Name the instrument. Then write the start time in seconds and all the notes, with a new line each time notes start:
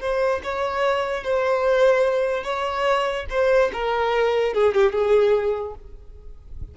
violin
0.00 C5
0.43 C#5
1.23 C5
2.44 C#5
3.30 C5
3.72 A#4
4.53 G#4
4.74 G4
4.92 G#4